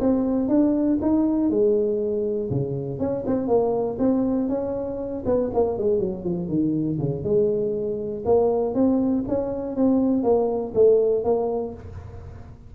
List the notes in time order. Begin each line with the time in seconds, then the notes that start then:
0.00 C4
0.49 D4
1.02 D#4
1.50 G#3
2.50 C#3
2.99 C#4
3.27 C4
3.48 A#3
3.99 C4
4.49 C#4
5.26 B3
5.54 A#3
5.78 G#3
5.99 F#3
6.24 F3
6.49 D#3
6.99 C#3
7.24 G#3
8.25 A#3
8.75 C4
9.28 C#4
9.76 C4
10.23 A#3
10.75 A3
11.24 A#3